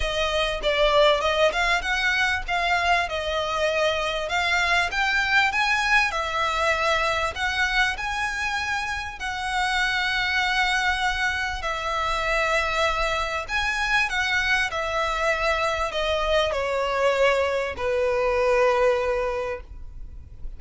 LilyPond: \new Staff \with { instrumentName = "violin" } { \time 4/4 \tempo 4 = 98 dis''4 d''4 dis''8 f''8 fis''4 | f''4 dis''2 f''4 | g''4 gis''4 e''2 | fis''4 gis''2 fis''4~ |
fis''2. e''4~ | e''2 gis''4 fis''4 | e''2 dis''4 cis''4~ | cis''4 b'2. | }